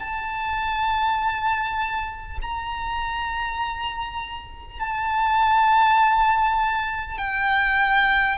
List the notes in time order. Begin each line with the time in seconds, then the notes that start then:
0.00 A5
2.42 A#5
4.80 A5
7.19 G5